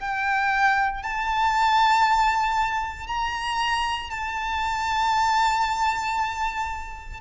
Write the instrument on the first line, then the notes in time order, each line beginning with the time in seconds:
violin
0.00 G5
1.03 A5
3.07 A#5
4.11 A5